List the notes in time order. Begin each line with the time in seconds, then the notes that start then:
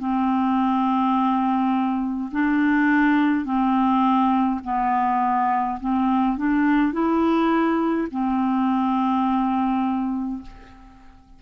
0.00 C4
2.32 D4
3.45 C4
4.64 B3
5.81 C4
6.38 D4
6.93 E4
8.11 C4